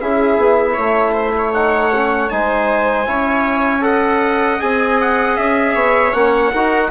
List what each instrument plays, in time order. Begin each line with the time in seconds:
0.00 bassoon C#4, trombone E4, viola G#4, trumpet E5
0.37 bassoon B3
0.73 bassoon A3, viola C#5
1.13 viola C5
1.37 viola C#5
1.53 trombone D#4, trumpet F#5
1.94 trombone C#4
2.29 bassoon G#3, trombone D#4, viola C5, trumpet G#5
3.06 bassoon C#4, trombone E4, viola C#5
3.81 trombone A4, viola D#5, trumpet F#5
4.59 bassoon C4, trombone G#4, trumpet G#5
5.01 trumpet F#5
5.36 bassoon C#4, trumpet E5
5.74 bassoon B3, viola C#5
6.13 bassoon A#3, trombone C#4, trumpet F#5
6.53 bassoon D#4, trombone F#4, viola A#4